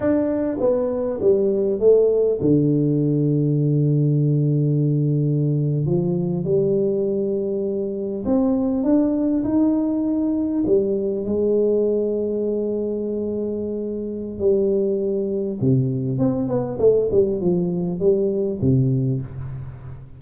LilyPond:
\new Staff \with { instrumentName = "tuba" } { \time 4/4 \tempo 4 = 100 d'4 b4 g4 a4 | d1~ | d4.~ d16 f4 g4~ g16~ | g4.~ g16 c'4 d'4 dis'16~ |
dis'4.~ dis'16 g4 gis4~ gis16~ | gis1 | g2 c4 c'8 b8 | a8 g8 f4 g4 c4 | }